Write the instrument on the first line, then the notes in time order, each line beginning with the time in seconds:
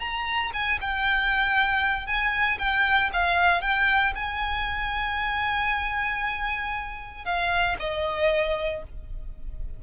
violin
0.00 A#5
0.54 G#5
0.82 G5
2.07 G#5
2.59 G5
3.13 F5
3.62 G5
4.15 G#5
7.25 F5
7.80 D#5